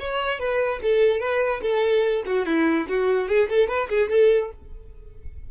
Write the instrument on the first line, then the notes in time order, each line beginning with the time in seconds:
violin
0.00 C#5
0.39 B4
0.83 A4
1.20 B4
1.62 A4
2.26 F#4
2.46 E4
2.89 F#4
3.29 G#4
3.50 A4
3.69 B4
3.90 G#4
4.11 A4